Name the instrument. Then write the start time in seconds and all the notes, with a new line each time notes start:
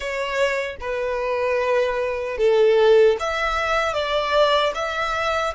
violin
0.00 C#5
0.80 B4
2.37 A4
3.19 E5
3.93 D5
4.74 E5